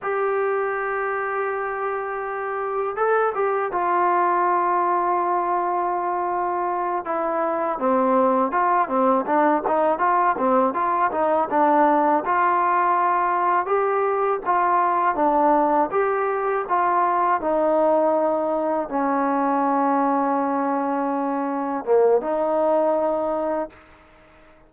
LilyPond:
\new Staff \with { instrumentName = "trombone" } { \time 4/4 \tempo 4 = 81 g'1 | a'8 g'8 f'2.~ | f'4. e'4 c'4 f'8 | c'8 d'8 dis'8 f'8 c'8 f'8 dis'8 d'8~ |
d'8 f'2 g'4 f'8~ | f'8 d'4 g'4 f'4 dis'8~ | dis'4. cis'2~ cis'8~ | cis'4. ais8 dis'2 | }